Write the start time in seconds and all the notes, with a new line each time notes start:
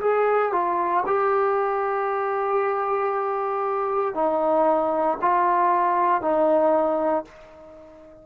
0.00 G#4
0.52 F4
1.06 G4
4.14 D#4
5.21 F4
6.21 D#4